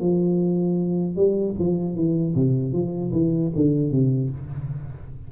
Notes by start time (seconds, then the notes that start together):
0.00 F3
1.16 G3
1.59 F3
1.96 E3
2.35 C3
2.73 F3
3.13 E3
3.55 D3
3.91 C3